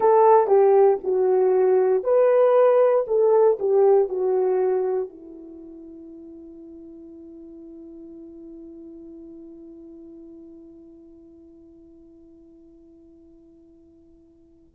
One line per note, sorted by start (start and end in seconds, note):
0.00 0.47 A4
0.47 0.98 G4
1.03 2.03 F#4
2.03 3.05 B4
3.07 3.58 A4
3.59 4.08 G4
4.08 5.09 F#4
5.09 14.75 E4